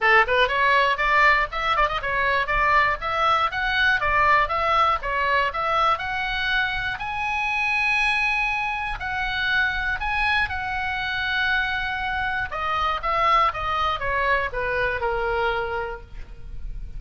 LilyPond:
\new Staff \with { instrumentName = "oboe" } { \time 4/4 \tempo 4 = 120 a'8 b'8 cis''4 d''4 e''8 d''16 dis''16 | cis''4 d''4 e''4 fis''4 | d''4 e''4 cis''4 e''4 | fis''2 gis''2~ |
gis''2 fis''2 | gis''4 fis''2.~ | fis''4 dis''4 e''4 dis''4 | cis''4 b'4 ais'2 | }